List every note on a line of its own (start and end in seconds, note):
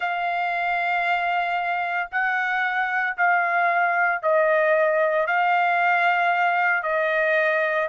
0.00 2.09 F5
2.11 3.16 F#5
3.17 4.22 F5
4.22 5.26 D#5
5.26 6.83 F5
6.83 7.88 D#5